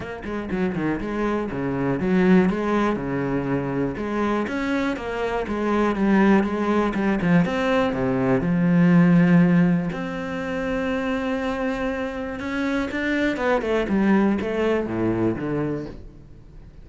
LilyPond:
\new Staff \with { instrumentName = "cello" } { \time 4/4 \tempo 4 = 121 ais8 gis8 fis8 dis8 gis4 cis4 | fis4 gis4 cis2 | gis4 cis'4 ais4 gis4 | g4 gis4 g8 f8 c'4 |
c4 f2. | c'1~ | c'4 cis'4 d'4 b8 a8 | g4 a4 a,4 d4 | }